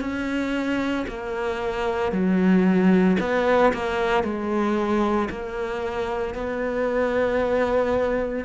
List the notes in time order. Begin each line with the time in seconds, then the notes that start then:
0.00 C#4
1.08 A#3
2.12 F#3
3.20 B3
3.73 A#3
4.23 G#3
5.30 A#3
6.34 B3